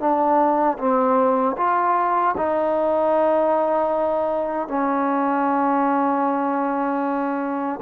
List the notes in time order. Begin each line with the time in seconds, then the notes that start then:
0.00 D4
0.79 C4
1.58 F4
2.37 D#4
4.69 C#4